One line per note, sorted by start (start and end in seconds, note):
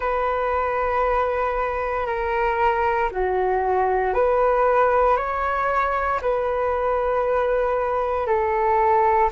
0.00 2.06 B4
2.06 3.09 A#4
3.11 4.14 F#4
4.14 5.16 B4
5.16 6.20 C#5
6.21 8.26 B4
8.26 9.30 A4